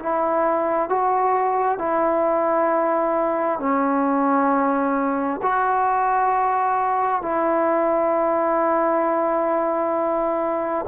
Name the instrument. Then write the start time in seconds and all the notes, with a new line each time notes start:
trombone
0.00 E4
0.89 F#4
1.79 E4
3.59 C#4
5.43 F#4
7.22 E4